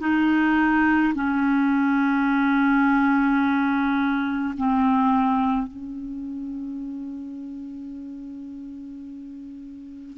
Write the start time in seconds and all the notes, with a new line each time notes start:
0.00 D#4
1.14 C#4
4.57 C4
5.67 C#4